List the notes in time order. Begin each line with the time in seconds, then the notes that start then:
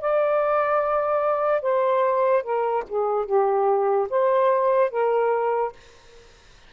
0.00 D5
1.61 C5
2.42 A#4
2.88 G#4
3.25 G4
4.09 C5
4.90 A#4